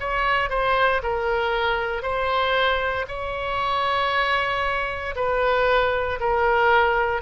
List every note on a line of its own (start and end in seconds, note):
0.00 0.50 C#5
0.50 1.02 C5
1.03 2.02 A#4
2.02 3.06 C5
3.08 5.15 C#5
5.16 6.19 B4
6.20 7.22 A#4